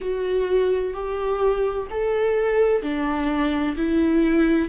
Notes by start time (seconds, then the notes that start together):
0.00 F#4
0.93 G4
1.90 A4
2.82 D4
3.76 E4